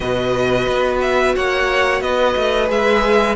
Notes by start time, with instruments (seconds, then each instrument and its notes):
0.00 cello B2, viola F#4, violin B4 D#5
0.68 cello B3
1.01 violin E5
1.35 cello A#3, violin C#5 F#5
2.01 cello B3, violin B4 D#5
2.36 cello A3
2.67 cello G#3, viola G#4, violin E5